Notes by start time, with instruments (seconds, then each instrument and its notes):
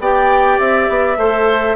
0.00 bassoon B3, clarinet G4, oboe D5, flute G5
0.59 bassoon C4, flute E5
0.89 bassoon B3
1.17 bassoon A3, clarinet A4, oboe C5